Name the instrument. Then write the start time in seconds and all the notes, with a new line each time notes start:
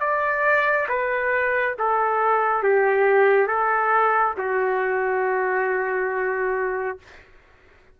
trumpet
0.00 D5
0.88 B4
1.78 A4
2.62 G4
3.47 A4
4.37 F#4